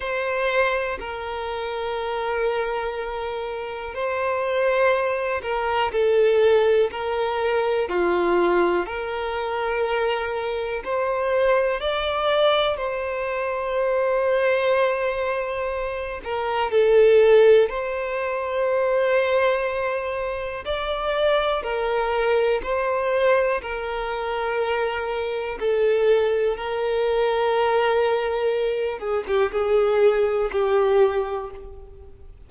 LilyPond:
\new Staff \with { instrumentName = "violin" } { \time 4/4 \tempo 4 = 61 c''4 ais'2. | c''4. ais'8 a'4 ais'4 | f'4 ais'2 c''4 | d''4 c''2.~ |
c''8 ais'8 a'4 c''2~ | c''4 d''4 ais'4 c''4 | ais'2 a'4 ais'4~ | ais'4. gis'16 g'16 gis'4 g'4 | }